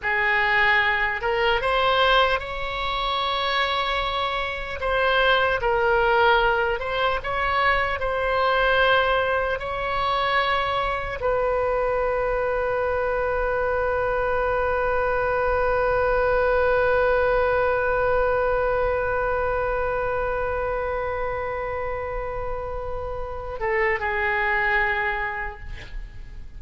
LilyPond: \new Staff \with { instrumentName = "oboe" } { \time 4/4 \tempo 4 = 75 gis'4. ais'8 c''4 cis''4~ | cis''2 c''4 ais'4~ | ais'8 c''8 cis''4 c''2 | cis''2 b'2~ |
b'1~ | b'1~ | b'1~ | b'4. a'8 gis'2 | }